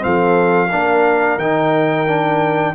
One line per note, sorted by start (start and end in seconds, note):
0.00 0.73 F3
0.00 0.68 C4
0.00 0.69 A4
0.00 1.39 F5
0.69 1.37 A#3
0.69 1.39 D4
0.69 2.74 A#4
1.37 2.73 D#3
1.37 2.07 D#4
1.37 2.74 G5
2.07 2.74 D4